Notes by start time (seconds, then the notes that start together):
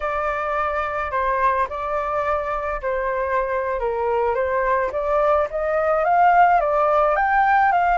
0.00 D5
1.11 C5
1.69 D5
2.81 C5
3.79 A#4
4.34 C5
4.91 D5
5.50 D#5
6.04 F5
6.60 D5
7.16 G5
7.72 F5